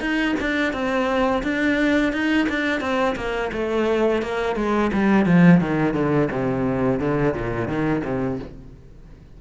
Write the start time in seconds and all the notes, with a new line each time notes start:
0.00 D#4
0.40 D4
0.73 C4
1.43 D4
2.12 D#4
2.49 D4
2.80 C4
3.16 A#3
3.52 A3
4.22 A#3
4.56 G#3
4.93 G3
5.25 F3
5.61 D#3
5.94 D3
6.31 C3
7.00 D3
7.34 A#2
7.67 D#3
8.04 C3